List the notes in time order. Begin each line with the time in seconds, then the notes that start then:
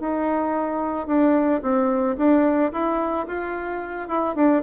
0.00 D#4
1.07 D4
1.62 C4
2.17 D4
2.72 E4
3.27 F4
4.08 E4
4.35 D4